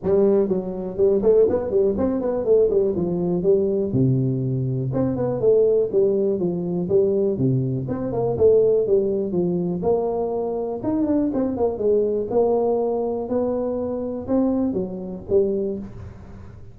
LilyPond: \new Staff \with { instrumentName = "tuba" } { \time 4/4 \tempo 4 = 122 g4 fis4 g8 a8 b8 g8 | c'8 b8 a8 g8 f4 g4 | c2 c'8 b8 a4 | g4 f4 g4 c4 |
c'8 ais8 a4 g4 f4 | ais2 dis'8 d'8 c'8 ais8 | gis4 ais2 b4~ | b4 c'4 fis4 g4 | }